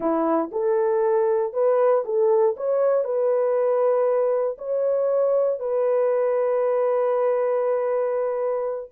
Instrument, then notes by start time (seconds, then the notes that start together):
horn
0.00 E4
0.51 A4
1.53 B4
2.04 A4
2.56 C#5
3.04 B4
4.58 C#5
5.59 B4